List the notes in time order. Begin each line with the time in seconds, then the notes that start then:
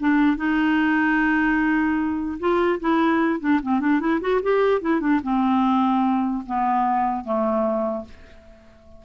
0.00 D4
0.37 D#4
2.40 F4
2.80 E4
3.40 D4
3.63 C4
3.80 D4
4.00 E4
4.21 F#4
4.43 G4
4.82 E4
5.01 D4
5.23 C4
6.47 B3
7.25 A3